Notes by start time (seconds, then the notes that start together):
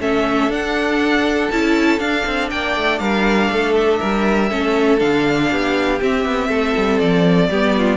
0.00 A3 C#4 A4 E5
0.48 D4 F#5
1.52 C#4 E4 A5
1.99 D4 F5
2.26 C4
2.51 A#3 D5 G5
2.77 A3
2.99 G3 A#4 F5
3.50 A3 A4
3.74 E5
4.00 G3 A#4
4.50 A3 C#4 A4
4.99 D3 D4 F5
5.51 B3 G4
6.01 C4 E5
6.25 B3
6.49 A3 A4
6.77 G3
6.99 F3 D5
7.49 G3 B3 G4
7.78 F4